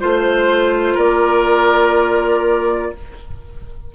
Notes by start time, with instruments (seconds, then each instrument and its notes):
0.00 bassoon A3, clarinet F4, flute C5, oboe C5
0.95 bassoon A#3, oboe A#4, flute D5